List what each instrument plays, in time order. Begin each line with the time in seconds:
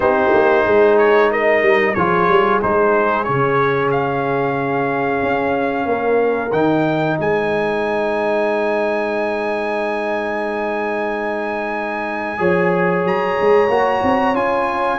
0.00 tuba C4, trombone D#4, horn G4, trumpet C5
0.33 tuba A#3
0.65 tuba G#3, horn G#4
0.98 trumpet C#5
1.31 horn A#4, trumpet D#5
1.61 tuba G3
1.94 tuba F3, trombone F4, horn G#4, trumpet C#5
2.28 tuba G3
2.61 tuba G#3, trombone D#4, trumpet C5
3.24 tuba C#3, trombone C#4, trumpet C#5
3.91 trumpet F5
5.22 tuba C#4
5.85 tuba A#3, horn A#4
6.51 tuba D#3, trombone D#4, trumpet G5
7.18 tuba G#3, horn C5, trumpet G#5
12.37 tuba F3, trombone G#4, horn C#5
13.04 tuba F#3, trumpet A#5
13.40 tuba G#3
13.68 tuba A#3, trombone F#4
14.03 tuba C4
14.33 tuba C#4, trombone F4, trumpet G#5